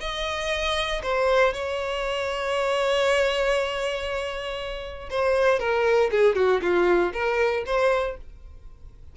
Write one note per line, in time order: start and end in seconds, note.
0.00 1.02 D#5
1.03 1.53 C5
1.53 5.09 C#5
5.10 5.59 C5
5.59 6.10 A#4
6.11 6.35 G#4
6.35 6.61 F#4
6.62 7.13 F4
7.13 7.64 A#4
7.66 8.17 C5